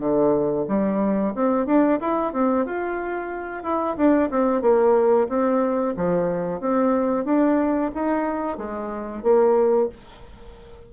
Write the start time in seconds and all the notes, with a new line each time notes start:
0.00 D3
0.68 G3
1.35 C4
1.66 D4
2.00 E4
2.33 C4
2.66 F4
3.64 E4
3.97 D4
4.30 C4
4.62 A#3
5.29 C4
5.97 F3
6.61 C4
7.25 D4
7.95 D#4
8.58 G#3
9.23 A#3